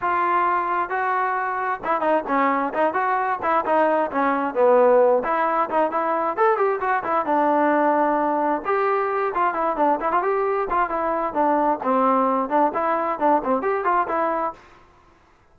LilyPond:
\new Staff \with { instrumentName = "trombone" } { \time 4/4 \tempo 4 = 132 f'2 fis'2 | e'8 dis'8 cis'4 dis'8 fis'4 e'8 | dis'4 cis'4 b4. e'8~ | e'8 dis'8 e'4 a'8 g'8 fis'8 e'8 |
d'2. g'4~ | g'8 f'8 e'8 d'8 e'16 f'16 g'4 f'8 | e'4 d'4 c'4. d'8 | e'4 d'8 c'8 g'8 f'8 e'4 | }